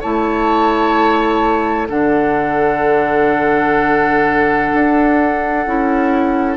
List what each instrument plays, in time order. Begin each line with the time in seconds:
0.00 bassoon A3, clarinet E4, oboe C#5, flute A5
1.88 bassoon D3, clarinet D4, oboe A4, flute F#5
4.73 bassoon D4
5.66 bassoon C#4, clarinet E4